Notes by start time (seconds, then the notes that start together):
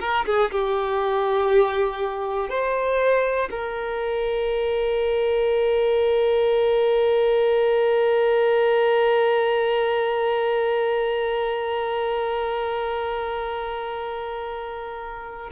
0.00 A#4
0.25 G#4
0.51 G4
2.49 C5
3.50 A#4